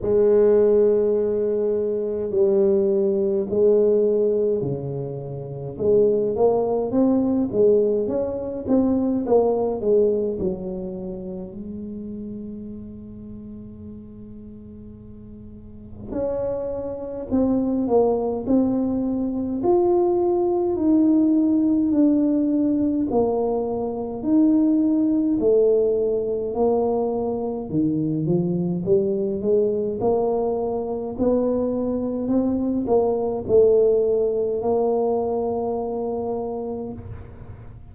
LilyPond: \new Staff \with { instrumentName = "tuba" } { \time 4/4 \tempo 4 = 52 gis2 g4 gis4 | cis4 gis8 ais8 c'8 gis8 cis'8 c'8 | ais8 gis8 fis4 gis2~ | gis2 cis'4 c'8 ais8 |
c'4 f'4 dis'4 d'4 | ais4 dis'4 a4 ais4 | dis8 f8 g8 gis8 ais4 b4 | c'8 ais8 a4 ais2 | }